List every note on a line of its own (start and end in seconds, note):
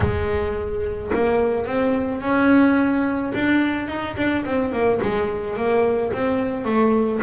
0.00 1.11 G#3
1.13 1.65 A#3
1.65 2.21 C4
2.21 3.32 C#4
3.34 3.88 D4
3.88 4.15 D#4
4.16 4.44 D4
4.45 4.72 C4
4.72 5.00 A#3
5.02 5.57 G#3
5.57 6.12 A#3
6.13 6.64 C4
6.64 7.20 A3